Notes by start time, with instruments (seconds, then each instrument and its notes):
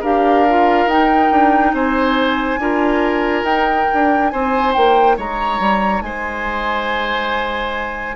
0.00 bassoon D4, clarinet G4, oboe A#4, flute F5
0.49 clarinet F4
0.86 bassoon D#4, clarinet D#4, flute G5
1.30 bassoon D4
1.72 bassoon C4, oboe C5, flute G#5
2.57 bassoon D4, clarinet F4, oboe A#4
3.42 bassoon D#4, clarinet D#4, flute G5
3.93 bassoon D4
4.29 bassoon C4, oboe C5, flute G#5
4.73 bassoon A#3, flute G5
5.16 bassoon G#3, oboe C#5, flute A#5
5.59 bassoon G3
6.01 bassoon G#3, oboe C5, flute G#5